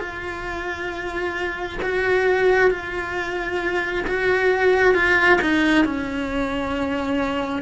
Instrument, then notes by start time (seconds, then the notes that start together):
cello
0.00 F4
1.82 F#4
2.71 F4
4.07 F#4
4.95 F4
5.42 D#4
5.85 C#4